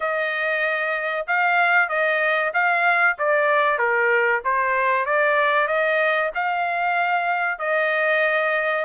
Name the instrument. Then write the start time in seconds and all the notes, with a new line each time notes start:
trumpet
0.00 D#5
1.27 F5
1.89 D#5
2.53 F5
3.18 D5
3.78 A#4
4.44 C5
5.05 D5
5.67 D#5
6.34 F5
7.58 D#5